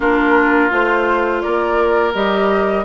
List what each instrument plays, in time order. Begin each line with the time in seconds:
0.00 bassoon A#3, clarinet D4, oboe F4, flute A#4
0.70 bassoon A3, clarinet F4, flute C5
1.41 bassoon A#3, oboe A#4, flute D5
2.14 bassoon G3, clarinet G4, flute D#5